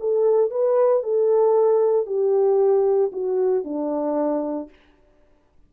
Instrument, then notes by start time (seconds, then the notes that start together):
horn
0.00 A4
0.51 B4
1.03 A4
2.07 G4
3.13 F#4
3.65 D4